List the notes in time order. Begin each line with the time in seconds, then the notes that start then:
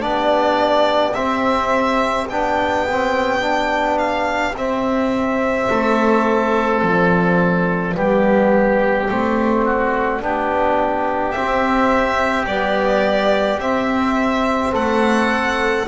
0.00 B3 D4 G4 D5
1.14 C4 E5
2.29 B3 D4 G5
2.91 C4
3.41 D4
3.98 F5
4.55 C4 E5
5.70 A3 A4
6.81 F3 D5
7.95 G3 B3 G4
9.09 A3 C4
9.65 F#4
10.21 B3 D4 G4
11.32 C4 E5
12.46 G3 B3 D5
13.59 C4 E5
14.72 A3 A4 F#5